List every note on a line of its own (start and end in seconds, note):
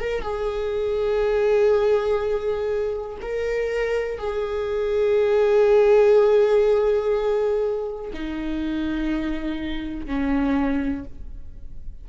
0.00 0.21 A#4
0.21 3.17 G#4
3.21 4.18 A#4
4.18 8.11 G#4
8.13 10.06 D#4
10.06 11.04 C#4